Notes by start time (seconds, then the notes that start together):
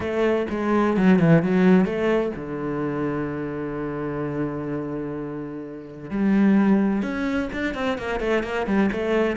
0.00 A3
0.49 G#3
0.96 F#3
1.19 E3
1.42 F#3
1.85 A3
2.36 D3
6.10 G3
7.02 C#4
7.53 D4
7.74 C4
7.98 A#3
8.20 A3
8.43 A#3
8.66 G3
8.91 A3